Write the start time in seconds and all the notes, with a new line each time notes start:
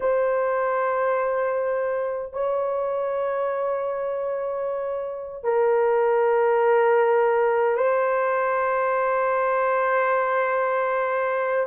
0.00 C5
2.32 C#5
5.43 A#4
7.76 C5